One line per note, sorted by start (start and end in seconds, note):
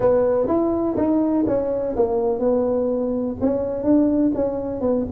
0.00 0.47 B3
0.47 0.95 E4
0.96 1.45 D#4
1.47 1.95 C#4
1.96 2.39 A#3
2.39 3.36 B3
3.40 3.83 C#4
3.83 4.32 D4
4.34 4.80 C#4
4.80 5.05 B3